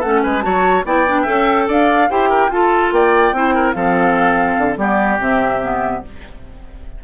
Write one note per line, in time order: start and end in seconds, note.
0.00 0.25 A3
0.00 0.42 C#4
0.00 0.21 A4
0.00 0.23 F#5
0.23 0.45 G#3
0.23 0.44 B4
0.23 0.43 G#5
0.42 0.85 F#3
0.42 0.84 F#4
0.42 0.86 C#5
0.42 0.84 A5
0.85 1.26 B3
0.85 1.07 E4
0.85 1.23 D5
0.85 1.70 G5
1.07 1.26 D4
1.23 1.69 C#4
1.23 2.09 A4
1.23 1.64 E5
1.68 2.10 D4
1.68 2.10 D5
1.68 2.11 F5
2.10 2.49 E4
2.10 2.51 G4
2.10 2.29 C5
2.10 2.52 G5
2.29 2.50 A#4
2.49 2.90 F4
2.49 3.35 F4
2.49 2.95 A4
2.49 2.93 A5
2.92 3.33 A#3
2.92 3.36 D5
2.92 3.73 G5
3.33 3.74 C4
3.33 3.75 E4
3.33 3.55 C5
3.55 3.75 A#4
3.73 4.58 F3
3.73 4.78 C4
3.73 4.79 A4
3.73 4.77 F5
4.58 4.77 D3
4.77 5.19 G3
4.77 5.19 B3
4.77 6.03 G4
4.77 5.20 D5
5.20 6.03 C3
5.20 5.61 C4
5.20 6.04 E5
5.62 6.03 B3